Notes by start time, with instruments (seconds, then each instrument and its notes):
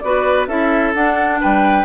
0.00 bassoon B3, clarinet F#4, oboe B4, flute D5
0.48 bassoon C#4, clarinet E4, oboe A4, flute E5
0.94 bassoon D4, clarinet D4, flute F#5
1.41 bassoon G3, oboe B4, flute G5